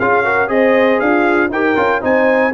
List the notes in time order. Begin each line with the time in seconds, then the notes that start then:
0.00 C#4 F4 G#4 F5
0.24 F#4 A#4
0.48 C4 G#4 D#5
0.54 C5
1.00 D4 F4 F5
1.50 D#4 G4 A#4 G5
1.76 C#4 F4
2.01 C4 D#4 C5 G#5